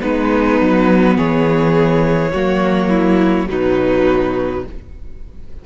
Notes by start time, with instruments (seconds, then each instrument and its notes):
0.00 cello G#3, viola B3, violin D#4 B4
0.61 cello F#3
1.16 cello E3, violin G#4 C#5
2.32 cello F#3, viola A#3, violin F#4
2.89 violin E4
3.48 cello B2, viola F#3, violin D#4 B4